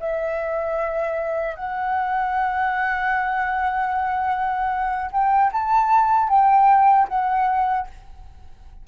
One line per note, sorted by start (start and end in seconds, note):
0.00 1.55 E5
1.55 5.11 F#5
5.11 5.51 G5
5.52 6.29 A5
6.29 7.08 G5
7.08 7.87 F#5